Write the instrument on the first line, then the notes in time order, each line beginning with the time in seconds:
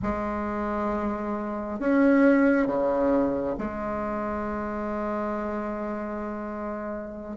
bassoon
0.02 G#3
1.79 C#4
2.66 C#3
3.58 G#3